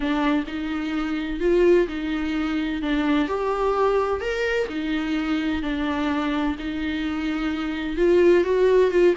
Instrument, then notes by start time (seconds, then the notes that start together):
viola
0.00 D4
0.47 D#4
1.40 F4
1.88 D#4
2.82 D4
3.28 G4
4.21 A#4
4.69 D#4
5.62 D4
6.59 D#4
7.97 F4
8.44 F#4
8.91 F4